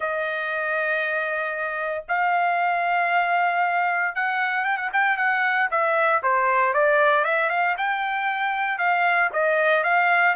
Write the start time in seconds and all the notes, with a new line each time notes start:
0.00 D#5
2.08 F5
4.15 F#5
4.64 G5
4.77 F#5
4.92 G5
5.17 F#5
5.70 E5
6.22 C5
6.73 D5
7.24 E5
7.49 F5
7.77 G5
8.78 F5
9.32 D#5
9.83 F5